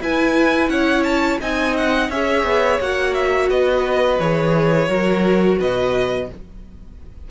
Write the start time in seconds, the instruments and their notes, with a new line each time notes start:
0.00 cello E4, viola E4, violin B4 G#5
0.68 cello C#4, violin C#5 F#5
1.03 violin A5
1.40 cello C4, viola D#4, violin D#5 G#5
1.77 violin F#5
2.09 cello C#4, viola G#4, violin C#5 E5
2.43 cello B3
2.81 cello A#3, viola F#4, violin F#5
3.14 violin E5
3.50 cello B3, violin B4 D#5
4.19 cello E3, viola G#4, violin C#5
4.87 cello F#3, viola F#4, violin A#4
5.58 cello B2, violin B4 D#5